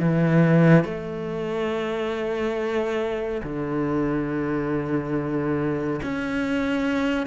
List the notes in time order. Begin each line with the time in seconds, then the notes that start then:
0.00 E3
0.85 A3
3.44 D3
6.04 C#4